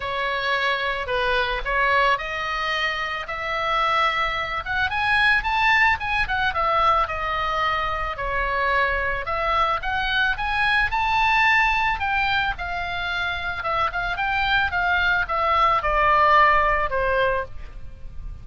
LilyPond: \new Staff \with { instrumentName = "oboe" } { \time 4/4 \tempo 4 = 110 cis''2 b'4 cis''4 | dis''2 e''2~ | e''8 fis''8 gis''4 a''4 gis''8 fis''8 | e''4 dis''2 cis''4~ |
cis''4 e''4 fis''4 gis''4 | a''2 g''4 f''4~ | f''4 e''8 f''8 g''4 f''4 | e''4 d''2 c''4 | }